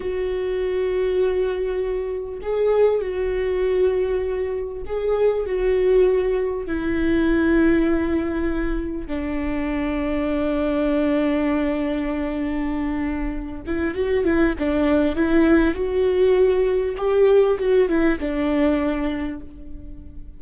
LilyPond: \new Staff \with { instrumentName = "viola" } { \time 4/4 \tempo 4 = 99 fis'1 | gis'4 fis'2. | gis'4 fis'2 e'4~ | e'2. d'4~ |
d'1~ | d'2~ d'8 e'8 fis'8 e'8 | d'4 e'4 fis'2 | g'4 fis'8 e'8 d'2 | }